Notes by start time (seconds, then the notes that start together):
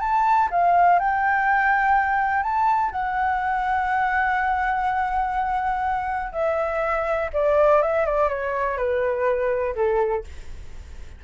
0.00 A5
0.51 F5
0.99 G5
2.43 A5
2.91 F#5
6.32 E5
7.33 D5
7.82 E5
8.06 D5
8.29 C#5
8.77 B4
9.75 A4